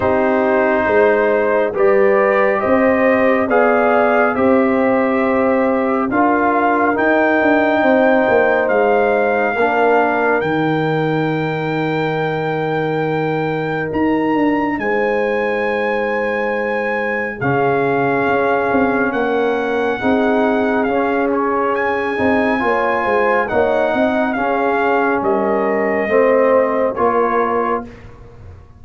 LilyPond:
<<
  \new Staff \with { instrumentName = "trumpet" } { \time 4/4 \tempo 4 = 69 c''2 d''4 dis''4 | f''4 e''2 f''4 | g''2 f''2 | g''1 |
ais''4 gis''2. | f''2 fis''2 | f''8 cis''8 gis''2 fis''4 | f''4 dis''2 cis''4 | }
  \new Staff \with { instrumentName = "horn" } { \time 4/4 g'4 c''4 b'4 c''4 | d''4 c''2 ais'4~ | ais'4 c''2 ais'4~ | ais'1~ |
ais'4 c''2. | gis'2 ais'4 gis'4~ | gis'2 cis''8 c''8 cis''8 dis''8 | gis'4 ais'4 c''4 ais'4 | }
  \new Staff \with { instrumentName = "trombone" } { \time 4/4 dis'2 g'2 | gis'4 g'2 f'4 | dis'2. d'4 | dis'1~ |
dis'1 | cis'2. dis'4 | cis'4. dis'8 f'4 dis'4 | cis'2 c'4 f'4 | }
  \new Staff \with { instrumentName = "tuba" } { \time 4/4 c'4 gis4 g4 c'4 | b4 c'2 d'4 | dis'8 d'8 c'8 ais8 gis4 ais4 | dis1 |
dis'8 d'8 gis2. | cis4 cis'8 c'8 ais4 c'4 | cis'4. c'8 ais8 gis8 ais8 c'8 | cis'4 g4 a4 ais4 | }
>>